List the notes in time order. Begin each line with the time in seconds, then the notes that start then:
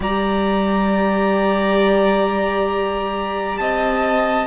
0.00 G3 G4 D5 A#5
3.57 C4 D#5 A5